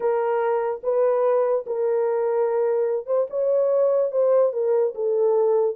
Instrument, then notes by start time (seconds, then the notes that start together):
horn
0.00 A#4
0.83 B4
1.66 A#4
3.06 C5
3.30 C#5
4.11 C5
4.52 A#4
4.94 A4